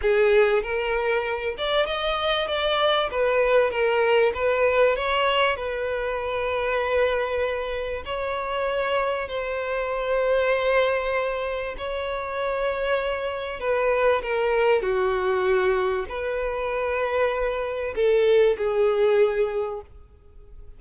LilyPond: \new Staff \with { instrumentName = "violin" } { \time 4/4 \tempo 4 = 97 gis'4 ais'4. d''8 dis''4 | d''4 b'4 ais'4 b'4 | cis''4 b'2.~ | b'4 cis''2 c''4~ |
c''2. cis''4~ | cis''2 b'4 ais'4 | fis'2 b'2~ | b'4 a'4 gis'2 | }